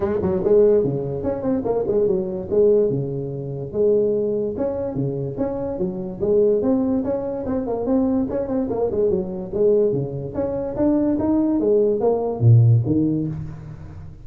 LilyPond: \new Staff \with { instrumentName = "tuba" } { \time 4/4 \tempo 4 = 145 gis8 fis8 gis4 cis4 cis'8 c'8 | ais8 gis8 fis4 gis4 cis4~ | cis4 gis2 cis'4 | cis4 cis'4 fis4 gis4 |
c'4 cis'4 c'8 ais8 c'4 | cis'8 c'8 ais8 gis8 fis4 gis4 | cis4 cis'4 d'4 dis'4 | gis4 ais4 ais,4 dis4 | }